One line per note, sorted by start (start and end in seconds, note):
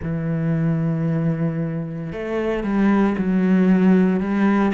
0.02 2.12 E3
2.12 2.63 A3
2.63 3.16 G3
3.18 4.20 F#3
4.20 4.72 G3